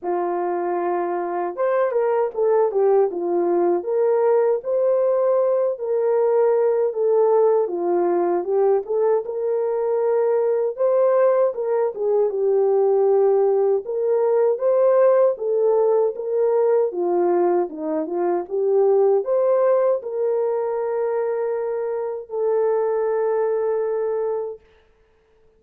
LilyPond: \new Staff \with { instrumentName = "horn" } { \time 4/4 \tempo 4 = 78 f'2 c''8 ais'8 a'8 g'8 | f'4 ais'4 c''4. ais'8~ | ais'4 a'4 f'4 g'8 a'8 | ais'2 c''4 ais'8 gis'8 |
g'2 ais'4 c''4 | a'4 ais'4 f'4 dis'8 f'8 | g'4 c''4 ais'2~ | ais'4 a'2. | }